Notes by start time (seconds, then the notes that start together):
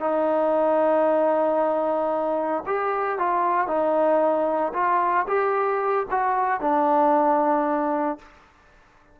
0.00 D#4
2.66 G4
3.18 F4
3.67 D#4
4.73 F4
5.27 G4
6.10 F#4
6.61 D4